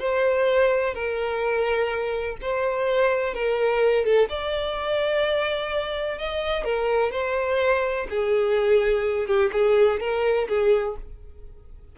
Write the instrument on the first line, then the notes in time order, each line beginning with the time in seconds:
violin
0.00 C5
0.95 A#4
2.42 C5
3.35 A#4
4.05 A4
4.29 D5
6.18 D#5
6.65 A#4
7.12 C5
8.10 G#4
9.27 G4
9.53 G#4
10.01 A#4
10.49 G#4